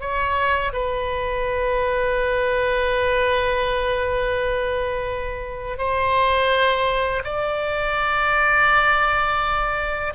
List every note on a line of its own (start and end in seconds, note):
0.00 0.72 C#5
0.72 5.78 B4
5.78 7.22 C5
7.24 10.13 D5